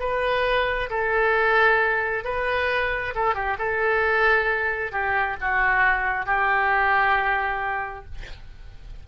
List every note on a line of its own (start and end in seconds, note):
0.00 0.90 B4
0.90 2.24 A4
2.24 3.14 B4
3.15 3.35 A4
3.35 3.57 G4
3.59 4.92 A4
4.92 5.36 G4
5.41 6.26 F#4
6.26 8.05 G4